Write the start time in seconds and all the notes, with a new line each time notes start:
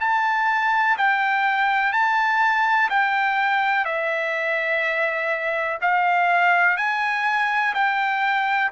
0.00 A5
0.98 G5
1.93 A5
2.90 G5
3.85 E5
5.82 F5
6.77 G#5
7.74 G5